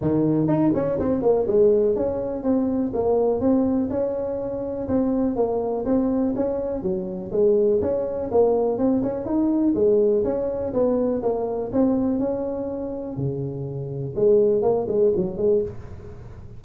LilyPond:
\new Staff \with { instrumentName = "tuba" } { \time 4/4 \tempo 4 = 123 dis4 dis'8 cis'8 c'8 ais8 gis4 | cis'4 c'4 ais4 c'4 | cis'2 c'4 ais4 | c'4 cis'4 fis4 gis4 |
cis'4 ais4 c'8 cis'8 dis'4 | gis4 cis'4 b4 ais4 | c'4 cis'2 cis4~ | cis4 gis4 ais8 gis8 fis8 gis8 | }